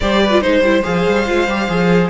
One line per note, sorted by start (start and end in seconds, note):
0.00 0.44 G3
0.00 0.31 G4
0.00 0.22 C5
0.00 0.41 D5
0.22 0.43 B4
0.31 0.41 F4
0.41 0.61 G#3
0.41 0.62 D#4
0.41 0.83 C5
0.41 2.09 C5
0.61 0.82 G3
0.61 0.83 E4
0.83 1.07 F3
0.83 1.25 G#4
0.83 2.09 F5
1.07 1.28 G3
1.26 1.47 G#3
1.26 1.47 F4
1.47 1.68 G3
1.47 1.69 G4
1.69 2.09 F3
1.69 2.09 G#4